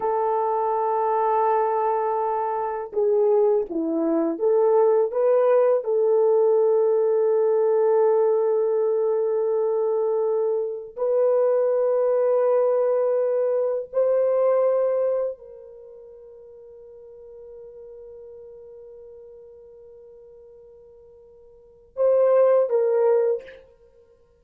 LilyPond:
\new Staff \with { instrumentName = "horn" } { \time 4/4 \tempo 4 = 82 a'1 | gis'4 e'4 a'4 b'4 | a'1~ | a'2. b'4~ |
b'2. c''4~ | c''4 ais'2.~ | ais'1~ | ais'2 c''4 ais'4 | }